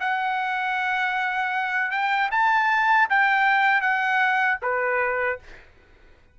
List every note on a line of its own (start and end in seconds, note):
0.00 1.92 F#5
1.92 2.30 G5
2.31 3.08 A5
3.10 3.81 G5
3.81 4.58 F#5
4.62 5.39 B4